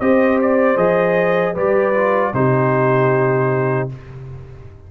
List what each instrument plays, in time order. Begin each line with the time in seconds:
0.00 tuba C4, trombone G4, horn C5, trumpet D#5
0.42 trumpet D5
0.77 tuba F3, trombone G#4, trumpet D#5
1.55 tuba G3, trombone G4, horn B4, trumpet D5
1.95 trombone F4
2.34 tuba C3, trombone D#4, horn G4, trumpet C5